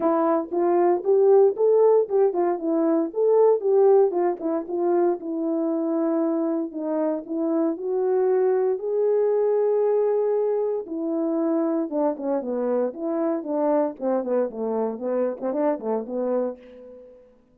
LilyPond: \new Staff \with { instrumentName = "horn" } { \time 4/4 \tempo 4 = 116 e'4 f'4 g'4 a'4 | g'8 f'8 e'4 a'4 g'4 | f'8 e'8 f'4 e'2~ | e'4 dis'4 e'4 fis'4~ |
fis'4 gis'2.~ | gis'4 e'2 d'8 cis'8 | b4 e'4 d'4 c'8 b8 | a4 b8. c'16 d'8 a8 b4 | }